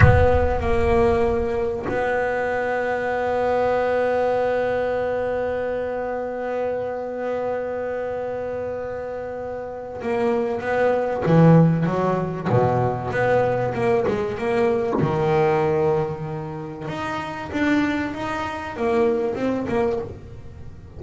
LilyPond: \new Staff \with { instrumentName = "double bass" } { \time 4/4 \tempo 4 = 96 b4 ais2 b4~ | b1~ | b1~ | b1 |
ais4 b4 e4 fis4 | b,4 b4 ais8 gis8 ais4 | dis2. dis'4 | d'4 dis'4 ais4 c'8 ais8 | }